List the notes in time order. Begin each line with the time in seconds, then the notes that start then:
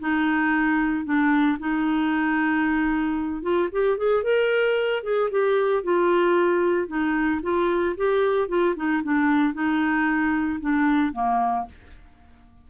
0.00 D#4
1.05 D4
1.60 D#4
3.43 F4
3.73 G4
3.98 G#4
4.24 A#4
5.04 G#4
5.31 G4
5.84 F4
6.88 D#4
7.43 F4
7.97 G4
8.49 F4
8.76 D#4
9.04 D4
9.54 D#4
10.61 D4
11.13 A#3